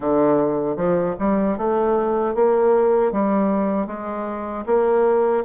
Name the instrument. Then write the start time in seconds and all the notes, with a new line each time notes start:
bassoon
0.00 D3
0.76 F3
1.19 G3
1.57 A3
2.34 A#3
3.12 G3
3.86 G#3
4.66 A#3